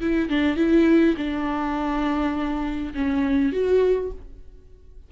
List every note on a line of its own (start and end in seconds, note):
0.00 0.29 E4
0.29 0.56 D4
0.56 1.15 E4
1.17 2.93 D4
2.94 3.52 C#4
3.52 4.11 F#4